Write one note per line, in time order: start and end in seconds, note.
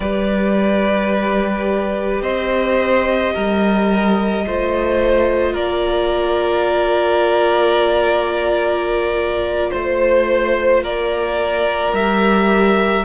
0.00 2.21 G3
0.00 4.44 G4
0.00 2.22 B4
0.00 2.22 D5
2.22 3.33 C4
2.22 3.33 C5
2.22 5.55 D#5
3.34 4.46 G3
3.34 4.45 A#4
4.45 5.55 A3
4.45 11.95 F4
4.45 5.53 C5
5.53 9.71 A#3
5.53 9.69 A#4
5.53 9.70 D5
9.70 10.84 A3
9.70 10.81 C5
9.70 10.83 C5
10.83 11.92 A#3
10.83 13.05 A#4
10.83 11.94 D5
11.92 13.03 G3
11.92 13.05 G4
11.92 13.05 E5